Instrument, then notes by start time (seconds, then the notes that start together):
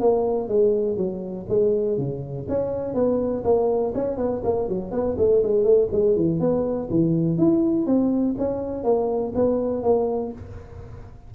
tuba
0.00 A#3
0.48 G#3
0.97 F#3
1.48 G#3
1.97 C#3
2.48 C#4
2.94 B3
3.44 A#3
3.94 C#4
4.17 B3
4.44 A#3
4.68 F#3
4.91 B3
5.18 A3
5.43 G#3
5.63 A3
5.92 G#3
6.15 E3
6.39 B3
6.90 E3
7.38 E4
7.86 C4
8.38 C#4
8.83 A#3
9.34 B3
9.82 A#3